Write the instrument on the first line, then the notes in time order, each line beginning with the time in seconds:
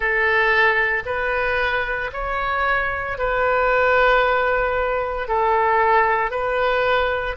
oboe
0.00 A4
1.05 B4
2.12 C#5
3.18 B4
5.28 A4
6.31 B4